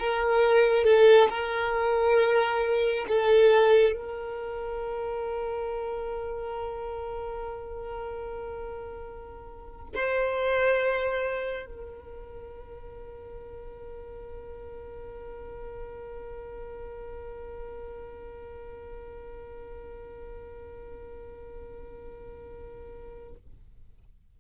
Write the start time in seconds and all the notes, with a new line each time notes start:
0.00 A#4
0.85 A4
1.30 A#4
3.08 A4
3.93 A#4
9.95 C5
11.66 A#4